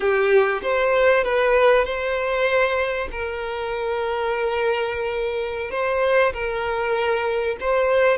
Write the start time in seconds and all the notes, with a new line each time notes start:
0.00 G4
0.62 C5
1.24 B4
1.84 C5
3.11 A#4
5.70 C5
6.33 A#4
7.60 C5